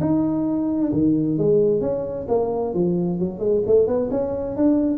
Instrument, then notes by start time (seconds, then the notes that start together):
tuba
0.00 D#4
0.92 D#3
1.38 G#3
1.81 C#4
2.28 A#3
2.74 F3
3.19 F#3
3.39 G#3
3.66 A3
3.87 B3
4.11 C#4
4.56 D4